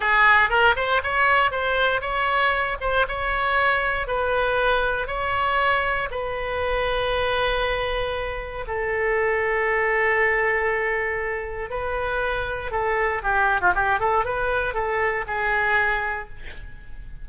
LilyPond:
\new Staff \with { instrumentName = "oboe" } { \time 4/4 \tempo 4 = 118 gis'4 ais'8 c''8 cis''4 c''4 | cis''4. c''8 cis''2 | b'2 cis''2 | b'1~ |
b'4 a'2.~ | a'2. b'4~ | b'4 a'4 g'8. f'16 g'8 a'8 | b'4 a'4 gis'2 | }